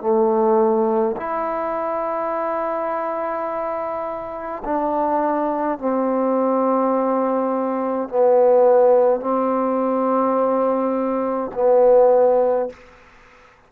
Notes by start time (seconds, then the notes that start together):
0.00 A3
1.16 E4
4.64 D4
5.78 C4
8.08 B3
9.20 C4
11.54 B3